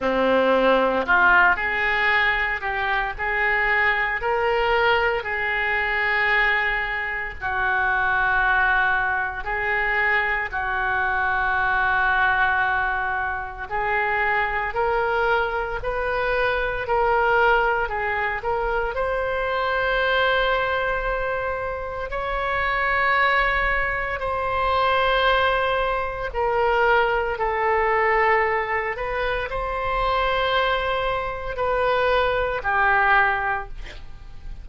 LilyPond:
\new Staff \with { instrumentName = "oboe" } { \time 4/4 \tempo 4 = 57 c'4 f'8 gis'4 g'8 gis'4 | ais'4 gis'2 fis'4~ | fis'4 gis'4 fis'2~ | fis'4 gis'4 ais'4 b'4 |
ais'4 gis'8 ais'8 c''2~ | c''4 cis''2 c''4~ | c''4 ais'4 a'4. b'8 | c''2 b'4 g'4 | }